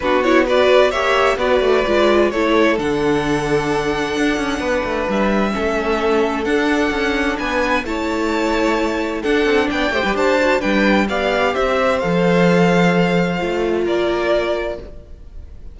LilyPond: <<
  \new Staff \with { instrumentName = "violin" } { \time 4/4 \tempo 4 = 130 b'8 cis''8 d''4 e''4 d''4~ | d''4 cis''4 fis''2~ | fis''2. e''4~ | e''2 fis''2 |
gis''4 a''2. | fis''4 g''4 a''4 g''4 | f''4 e''4 f''2~ | f''2 d''2 | }
  \new Staff \with { instrumentName = "violin" } { \time 4/4 fis'4 b'4 cis''4 b'4~ | b'4 a'2.~ | a'2 b'2 | a'1 |
b'4 cis''2. | a'4 d''8 c''16 b'16 c''4 b'4 | d''4 c''2.~ | c''2 ais'2 | }
  \new Staff \with { instrumentName = "viola" } { \time 4/4 d'8 e'8 fis'4 g'4 fis'4 | f'4 e'4 d'2~ | d'1 | cis'2 d'2~ |
d'4 e'2. | d'4. g'4 fis'8 d'4 | g'2 a'2~ | a'4 f'2. | }
  \new Staff \with { instrumentName = "cello" } { \time 4/4 b2 ais4 b8 a8 | gis4 a4 d2~ | d4 d'8 cis'8 b8 a8 g4 | a2 d'4 cis'4 |
b4 a2. | d'8 c'8 b8 a16 g16 d'4 g4 | b4 c'4 f2~ | f4 a4 ais2 | }
>>